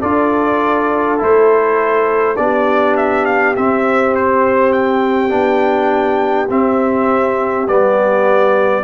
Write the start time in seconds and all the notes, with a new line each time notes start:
0.00 D4 F4 A4 D5
1.18 A3 E4 C5
2.36 B3 D4 G4 D5
2.96 E5
3.25 F5
3.56 C4 E5
4.15 C5
4.72 G5
5.29 B3 D4
6.49 C4 E5
7.67 G3 B3 D5